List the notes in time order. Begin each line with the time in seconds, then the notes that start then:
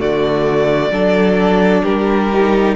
0.00 D3 A3 F#4 D5
0.90 F#3 D4 A4
1.83 G3 G4 A#4
2.33 D#4